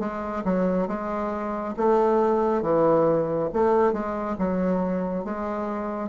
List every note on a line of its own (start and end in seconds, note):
0.00 0.43 G#3
0.45 0.88 F#3
0.88 1.75 G#3
1.77 2.62 A3
2.62 3.49 E3
3.53 3.93 A3
3.93 4.37 G#3
4.39 5.25 F#3
5.25 6.09 G#3